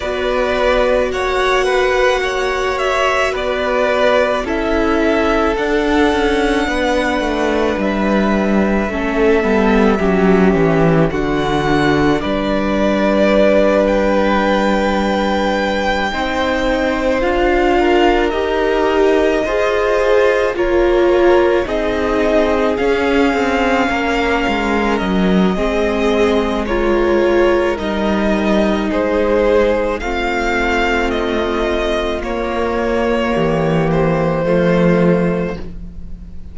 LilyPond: <<
  \new Staff \with { instrumentName = "violin" } { \time 4/4 \tempo 4 = 54 d''4 fis''4. e''8 d''4 | e''4 fis''2 e''4~ | e''2 fis''4 d''4~ | d''8 g''2. f''8~ |
f''8 dis''2 cis''4 dis''8~ | dis''8 f''2 dis''4. | cis''4 dis''4 c''4 f''4 | dis''4 cis''4. c''4. | }
  \new Staff \with { instrumentName = "violin" } { \time 4/4 b'4 cis''8 b'8 cis''4 b'4 | a'2 b'2 | a'4 g'4 fis'4 b'4~ | b'2~ b'8 c''4. |
ais'4. c''4 ais'4 gis'8~ | gis'4. ais'4. gis'4 | ais'2 gis'4 f'4~ | f'2 g'4 f'4 | }
  \new Staff \with { instrumentName = "viola" } { \time 4/4 fis'1 | e'4 d'2. | cis'8 b8 cis'4 d'2~ | d'2~ d'8 dis'4 f'8~ |
f'8 g'4 gis'4 f'4 dis'8~ | dis'8 cis'2~ cis'8 c'4 | f'4 dis'2 c'4~ | c'4 ais2 a4 | }
  \new Staff \with { instrumentName = "cello" } { \time 4/4 b4 ais2 b4 | cis'4 d'8 cis'8 b8 a8 g4 | a8 g8 fis8 e8 d4 g4~ | g2~ g8 c'4 d'8~ |
d'8 dis'4 f'4 ais4 c'8~ | c'8 cis'8 c'8 ais8 gis8 fis8 gis4~ | gis4 g4 gis4 a4~ | a4 ais4 e4 f4 | }
>>